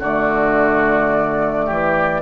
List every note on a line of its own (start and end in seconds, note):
0.00 1.68 D3
0.00 2.22 A3
0.00 1.66 F#4
0.00 2.22 D5
1.66 2.22 E3
1.66 2.22 G4